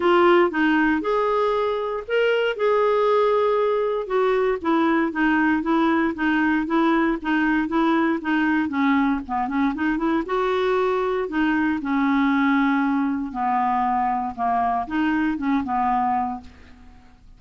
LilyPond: \new Staff \with { instrumentName = "clarinet" } { \time 4/4 \tempo 4 = 117 f'4 dis'4 gis'2 | ais'4 gis'2. | fis'4 e'4 dis'4 e'4 | dis'4 e'4 dis'4 e'4 |
dis'4 cis'4 b8 cis'8 dis'8 e'8 | fis'2 dis'4 cis'4~ | cis'2 b2 | ais4 dis'4 cis'8 b4. | }